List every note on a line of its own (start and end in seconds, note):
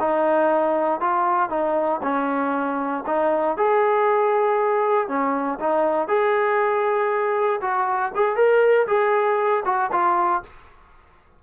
0.00 1.01 D#4
1.01 1.50 F4
1.50 2.01 D#4
2.03 3.04 C#4
3.06 3.57 D#4
3.57 5.08 G#4
5.08 5.59 C#4
5.60 6.08 D#4
6.08 7.61 G#4
7.61 8.12 F#4
8.15 8.36 G#4
8.36 8.87 A#4
8.87 9.64 G#4
9.65 9.91 F#4
9.92 10.43 F4